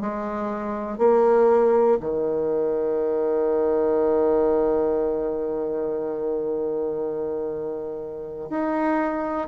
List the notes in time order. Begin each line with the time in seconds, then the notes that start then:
0.00 G#3
0.98 A#3
2.00 D#3
8.49 D#4